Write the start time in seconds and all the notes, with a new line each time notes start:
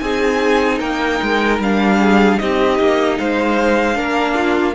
0.00 C4 D#4 G#4 G#5
0.79 A#3 A#4 G5
1.23 G#3
1.59 G3 D4 F5
2.00 G#4
2.39 C4 D#4 G4 D#5
2.80 A#3
3.18 G#3 C5 F5
3.95 A#3 D4 A#4
4.35 F4